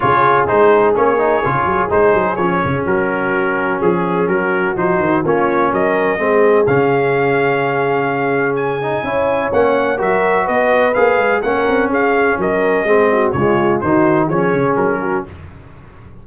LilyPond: <<
  \new Staff \with { instrumentName = "trumpet" } { \time 4/4 \tempo 4 = 126 cis''4 c''4 cis''2 | c''4 cis''4 ais'2 | gis'4 ais'4 c''4 cis''4 | dis''2 f''2~ |
f''2 gis''2 | fis''4 e''4 dis''4 f''4 | fis''4 f''4 dis''2 | cis''4 c''4 cis''4 ais'4 | }
  \new Staff \with { instrumentName = "horn" } { \time 4/4 gis'1~ | gis'2 fis'2 | gis'4 fis'2 f'4 | ais'4 gis'2.~ |
gis'2. cis''4~ | cis''4 ais'4 b'2 | ais'4 gis'4 ais'4 gis'8 fis'8 | f'4 fis'4 gis'4. fis'8 | }
  \new Staff \with { instrumentName = "trombone" } { \time 4/4 f'4 dis'4 cis'8 dis'8 f'4 | dis'4 cis'2.~ | cis'2 dis'4 cis'4~ | cis'4 c'4 cis'2~ |
cis'2~ cis'8 dis'8 e'4 | cis'4 fis'2 gis'4 | cis'2. c'4 | gis4 dis'4 cis'2 | }
  \new Staff \with { instrumentName = "tuba" } { \time 4/4 cis4 gis4 ais4 cis8 fis8 | gis8 fis8 f8 cis8 fis2 | f4 fis4 f8 dis8 ais4 | fis4 gis4 cis2~ |
cis2. cis'4 | ais4 fis4 b4 ais8 gis8 | ais8 c'8 cis'4 fis4 gis4 | cis4 dis4 f8 cis8 fis4 | }
>>